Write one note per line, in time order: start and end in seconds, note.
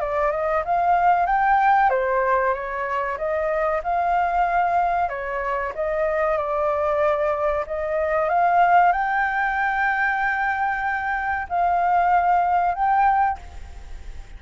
0.00 0.31 D5
0.31 0.63 D#5
0.65 1.26 F5
1.26 1.90 G5
1.90 2.54 C5
2.54 3.17 C#5
3.17 3.81 D#5
3.83 5.09 F5
5.09 5.72 C#5
5.75 6.37 D#5
6.37 7.65 D5
7.67 8.29 D#5
8.29 8.92 F5
8.92 11.47 G5
11.49 12.75 F5
12.75 13.38 G5